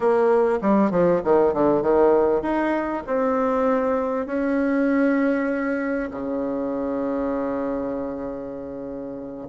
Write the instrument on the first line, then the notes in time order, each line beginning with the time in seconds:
bassoon
0.00 A#3
0.61 G3
0.90 F3
1.24 D#3
1.53 D3
1.82 D#3
2.42 D#4
3.06 C4
4.26 C#4
6.11 C#3